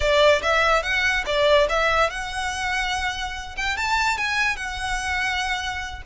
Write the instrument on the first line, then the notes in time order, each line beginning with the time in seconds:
violin
0.00 D5
0.42 E5
0.82 F#5
1.26 D5
1.69 E5
2.10 F#5
3.57 G5
3.76 A5
4.17 G#5
4.56 F#5